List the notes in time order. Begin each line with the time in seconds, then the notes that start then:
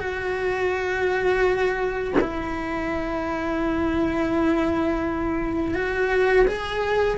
0.00 F#4
2.21 E4
5.75 F#4
6.47 G#4